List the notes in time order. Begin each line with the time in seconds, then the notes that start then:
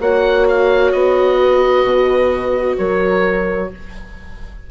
0.00 A#3 F#4 C#5 F#5
0.48 F5
0.92 B3 D#5
1.40 B4
1.84 B2
2.78 F#3 A#4 C#5